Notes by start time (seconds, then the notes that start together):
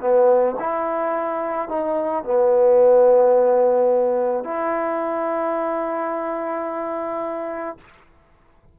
0.00 B3
0.59 E4
1.68 D#4
2.24 B3
4.44 E4